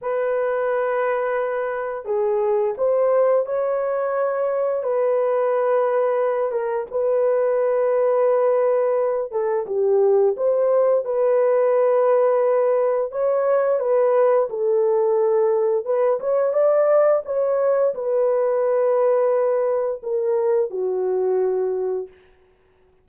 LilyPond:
\new Staff \with { instrumentName = "horn" } { \time 4/4 \tempo 4 = 87 b'2. gis'4 | c''4 cis''2 b'4~ | b'4. ais'8 b'2~ | b'4. a'8 g'4 c''4 |
b'2. cis''4 | b'4 a'2 b'8 cis''8 | d''4 cis''4 b'2~ | b'4 ais'4 fis'2 | }